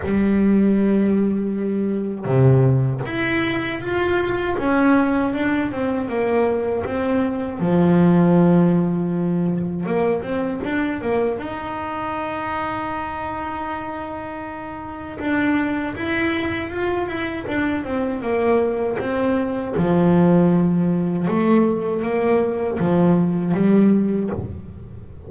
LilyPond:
\new Staff \with { instrumentName = "double bass" } { \time 4/4 \tempo 4 = 79 g2. c4 | e'4 f'4 cis'4 d'8 c'8 | ais4 c'4 f2~ | f4 ais8 c'8 d'8 ais8 dis'4~ |
dis'1 | d'4 e'4 f'8 e'8 d'8 c'8 | ais4 c'4 f2 | a4 ais4 f4 g4 | }